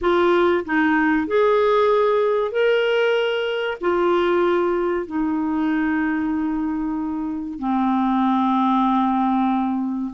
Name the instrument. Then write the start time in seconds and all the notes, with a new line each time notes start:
clarinet
0.01 F4
0.65 D#4
1.27 G#4
2.51 A#4
3.80 F4
5.06 D#4
7.59 C4